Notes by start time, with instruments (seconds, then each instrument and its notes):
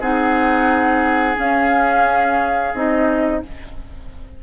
0.00 bassoon C4, clarinet D#4, oboe G#4, flute F#5
1.35 clarinet C#4, bassoon C#4, flute F5
2.74 bassoon C4, clarinet D#4, flute D#5